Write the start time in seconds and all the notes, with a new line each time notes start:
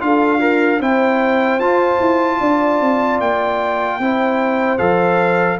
0.00 D4 F4 A4 F5
0.39 F4 A#4
0.80 C4 E4 C5 G5
1.60 F4 A5
2.00 E4
2.41 D4 D5
2.81 C4
3.20 A#3 G5
3.99 C4 E4 C5
4.79 F3 A4 F5